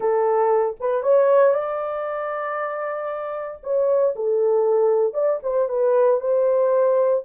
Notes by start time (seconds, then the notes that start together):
0.00 A4
0.80 B4
1.03 C#5
1.54 D5
3.63 C#5
4.15 A4
5.13 D5
5.42 C5
5.68 B4
6.20 C5